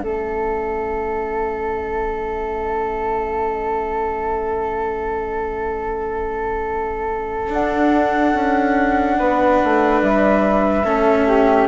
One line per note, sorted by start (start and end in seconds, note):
0.00 7.52 A3
0.00 7.50 C#4
0.00 9.19 A4
0.00 7.50 E5
7.50 10.84 D4
7.50 8.34 D4
7.50 10.03 F#5
8.34 9.18 C#4
9.19 9.62 B3
9.19 10.85 B4
9.64 10.02 A3
10.02 10.86 G3
10.02 11.68 E5
10.85 11.68 A3
10.85 11.68 C#4
10.85 11.27 A4
11.27 11.68 G4